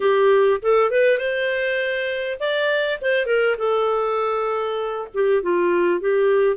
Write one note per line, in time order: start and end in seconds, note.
0.00 0.60 G4
0.61 0.90 A4
0.90 1.18 B4
1.18 2.38 C5
2.39 2.99 D5
3.01 3.26 C5
3.26 3.56 A#4
3.58 5.08 A4
5.14 5.42 G4
5.42 6.00 F4
6.00 6.56 G4